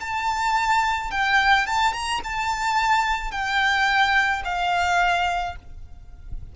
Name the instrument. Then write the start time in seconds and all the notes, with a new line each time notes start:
violin
0.00 A5
1.11 G5
1.67 A5
1.93 A#5
2.24 A5
3.32 G5
4.45 F5